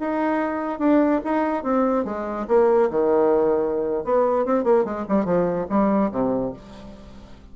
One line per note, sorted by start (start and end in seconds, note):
0.00 0.79 D#4
0.79 1.21 D4
1.25 1.64 D#4
1.64 2.05 C4
2.05 2.46 G#3
2.48 2.90 A#3
2.91 4.05 D#3
4.05 4.46 B3
4.46 4.64 C4
4.64 4.85 A#3
4.85 5.05 G#3
5.09 5.25 G3
5.25 5.67 F3
5.70 6.11 G3
6.12 6.53 C3